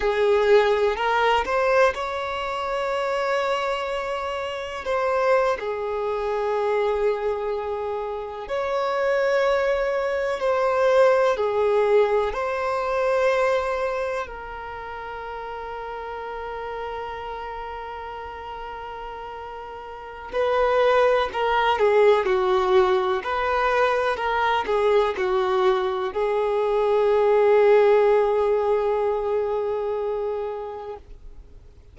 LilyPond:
\new Staff \with { instrumentName = "violin" } { \time 4/4 \tempo 4 = 62 gis'4 ais'8 c''8 cis''2~ | cis''4 c''8. gis'2~ gis'16~ | gis'8. cis''2 c''4 gis'16~ | gis'8. c''2 ais'4~ ais'16~ |
ais'1~ | ais'4 b'4 ais'8 gis'8 fis'4 | b'4 ais'8 gis'8 fis'4 gis'4~ | gis'1 | }